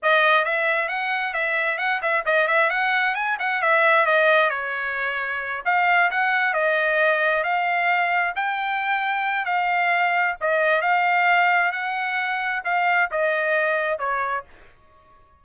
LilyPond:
\new Staff \with { instrumentName = "trumpet" } { \time 4/4 \tempo 4 = 133 dis''4 e''4 fis''4 e''4 | fis''8 e''8 dis''8 e''8 fis''4 gis''8 fis''8 | e''4 dis''4 cis''2~ | cis''8 f''4 fis''4 dis''4.~ |
dis''8 f''2 g''4.~ | g''4 f''2 dis''4 | f''2 fis''2 | f''4 dis''2 cis''4 | }